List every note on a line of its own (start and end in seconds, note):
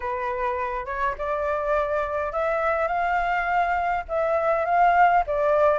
0.00 0.85 B4
0.85 1.14 C#5
1.18 2.32 D5
2.32 2.87 E5
2.87 4.04 F5
4.08 4.65 E5
4.65 5.23 F5
5.27 5.79 D5